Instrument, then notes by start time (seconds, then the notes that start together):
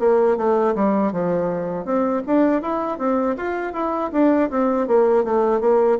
bassoon
0.00 A#3
0.38 A3
0.75 G3
1.13 F3
1.85 C4
2.27 D4
2.62 E4
2.99 C4
3.38 F4
3.73 E4
4.13 D4
4.51 C4
4.88 A#3
5.24 A3
5.61 A#3